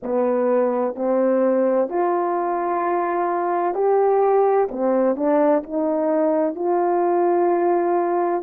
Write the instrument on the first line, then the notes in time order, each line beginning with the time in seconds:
horn
0.03 B3
0.95 C4
1.89 F4
3.74 G4
4.71 C4
5.16 D4
5.62 D#4
6.55 F4